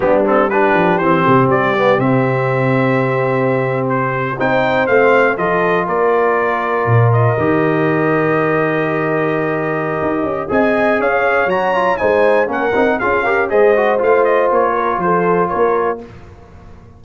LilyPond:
<<
  \new Staff \with { instrumentName = "trumpet" } { \time 4/4 \tempo 4 = 120 g'8 a'8 b'4 c''4 d''4 | e''2.~ e''8. c''16~ | c''8. g''4 f''4 dis''4 d''16~ | d''2~ d''16 dis''4.~ dis''16~ |
dis''1~ | dis''4 gis''4 f''4 ais''4 | gis''4 fis''4 f''4 dis''4 | f''8 dis''8 cis''4 c''4 cis''4 | }
  \new Staff \with { instrumentName = "horn" } { \time 4/4 d'4 g'2.~ | g'1~ | g'8. c''2 a'4 ais'16~ | ais'1~ |
ais'1~ | ais'4 dis''4 cis''2 | c''4 ais'4 gis'8 ais'8 c''4~ | c''4. ais'8 a'4 ais'4 | }
  \new Staff \with { instrumentName = "trombone" } { \time 4/4 b8 c'8 d'4 c'4. b8 | c'1~ | c'8. dis'4 c'4 f'4~ f'16~ | f'2~ f'8. g'4~ g'16~ |
g'1~ | g'4 gis'2 fis'8 f'8 | dis'4 cis'8 dis'8 f'8 g'8 gis'8 fis'8 | f'1 | }
  \new Staff \with { instrumentName = "tuba" } { \time 4/4 g4. f8 e8 c8 g4 | c1~ | c8. c'4 a4 f4 ais16~ | ais4.~ ais16 ais,4 dis4~ dis16~ |
dis1 | dis'8 cis'8 c'4 cis'4 fis4 | gis4 ais8 c'8 cis'4 gis4 | a4 ais4 f4 ais4 | }
>>